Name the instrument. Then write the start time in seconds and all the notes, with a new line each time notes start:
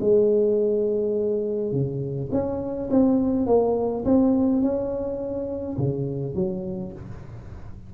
tuba
0.00 G#3
1.72 C#3
2.31 C#4
2.90 C4
3.46 A#3
4.04 C4
4.62 C#4
5.77 C#3
6.35 F#3